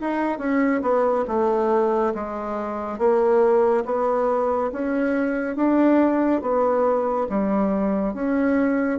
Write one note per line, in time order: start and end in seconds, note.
0.00 0.38 D#4
0.38 0.81 C#4
0.82 1.25 B3
1.27 2.13 A3
2.14 2.98 G#3
2.98 3.84 A#3
3.85 4.71 B3
4.72 5.56 C#4
5.56 6.41 D4
6.41 7.27 B3
7.29 8.14 G3
8.14 8.99 C#4